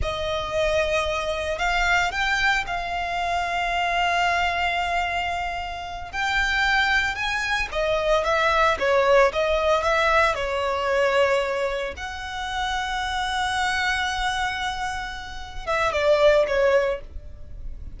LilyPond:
\new Staff \with { instrumentName = "violin" } { \time 4/4 \tempo 4 = 113 dis''2. f''4 | g''4 f''2.~ | f''2.~ f''8 g''8~ | g''4. gis''4 dis''4 e''8~ |
e''8 cis''4 dis''4 e''4 cis''8~ | cis''2~ cis''8 fis''4.~ | fis''1~ | fis''4. e''8 d''4 cis''4 | }